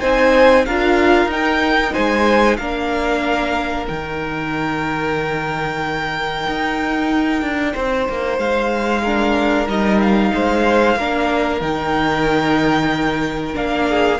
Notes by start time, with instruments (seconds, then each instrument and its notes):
0.00 cello C4, viola D#4, violin C5 G#5
0.66 cello D4, viola F4, violin A#4 F5
1.25 cello D#4, viola D#4, violin G5
1.92 cello G#3, violin C5 G#5
2.56 cello A#3, viola D4, violin A#4 F5
3.87 cello D#3, viola D#4, violin G5
6.47 cello D#4
7.42 cello D4
7.73 cello C4, violin C5
8.09 cello A#3
8.38 cello G#3, violin F5
9.03 viola D4, violin A#4
9.67 cello G3, viola D#4, violin D#5
10.01 violin F5
10.34 cello G#3, violin C5
10.96 cello A#3, viola D4, violin A#4
11.61 cello D#3, viola D#4, violin G5
13.54 cello A#3, viola D4, violin F5
13.89 violin G#4